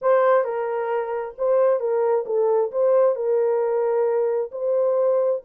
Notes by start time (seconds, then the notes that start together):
0.01 C5
0.44 A#4
1.37 C5
1.79 A#4
2.26 A4
2.71 C5
3.15 A#4
4.51 C5